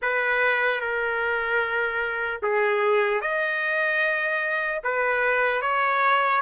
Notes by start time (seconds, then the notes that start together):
0.02 B4
0.80 A#4
2.42 G#4
3.21 D#5
4.83 B4
5.61 C#5